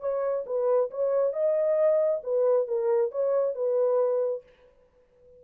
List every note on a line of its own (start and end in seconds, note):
0.00 0.44 C#5
0.46 0.90 B4
0.90 1.33 C#5
1.33 2.21 D#5
2.23 2.67 B4
2.67 3.11 A#4
3.11 3.55 C#5
3.55 4.43 B4